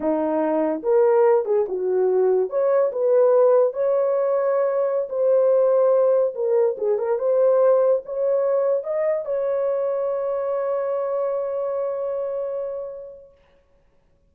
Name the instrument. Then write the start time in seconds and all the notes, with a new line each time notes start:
horn
0.00 D#4
0.82 A#4
1.45 G#4
1.68 F#4
2.49 C#5
2.92 B4
3.73 C#5
5.09 C5
6.34 A#4
6.77 G#4
6.98 A#4
7.19 C5
8.05 C#5
8.83 D#5
9.25 C#5